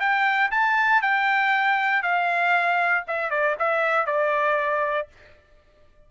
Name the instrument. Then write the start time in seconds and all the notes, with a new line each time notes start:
trumpet
0.00 G5
0.51 A5
1.02 G5
2.03 F5
3.08 E5
3.31 D5
3.59 E5
4.06 D5